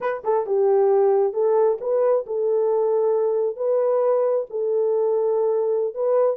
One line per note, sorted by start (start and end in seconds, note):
0.00 0.23 B4
0.24 0.46 A4
0.46 1.33 G4
1.33 1.78 A4
1.80 2.25 B4
2.26 3.56 A4
3.56 4.46 B4
4.50 5.94 A4
5.94 6.36 B4